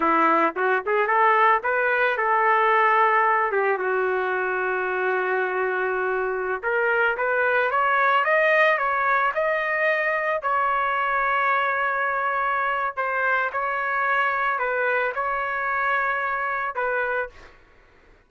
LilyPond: \new Staff \with { instrumentName = "trumpet" } { \time 4/4 \tempo 4 = 111 e'4 fis'8 gis'8 a'4 b'4 | a'2~ a'8 g'8 fis'4~ | fis'1~ | fis'16 ais'4 b'4 cis''4 dis''8.~ |
dis''16 cis''4 dis''2 cis''8.~ | cis''1 | c''4 cis''2 b'4 | cis''2. b'4 | }